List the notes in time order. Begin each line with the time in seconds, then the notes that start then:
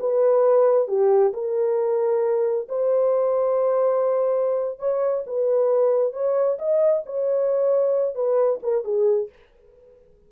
0.00 B4
0.88 G4
1.34 A#4
2.69 C5
4.79 C#5
5.27 B4
6.13 C#5
6.59 D#5
7.06 C#5
8.15 B4
8.63 A#4
8.84 G#4